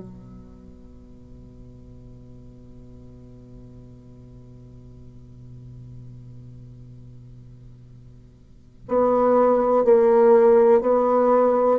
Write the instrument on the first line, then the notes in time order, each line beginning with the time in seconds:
bassoon
0.00 B2
8.88 B3
9.85 A#3
10.81 B3